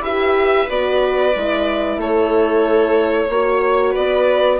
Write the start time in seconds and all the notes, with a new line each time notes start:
0.00 E4 G4 B4 E5
0.69 B3 F#4 D5
1.34 G#3 E4
1.97 A3 A4 C#5
3.29 A#3 F#4 C#5
3.91 B3 B4 D5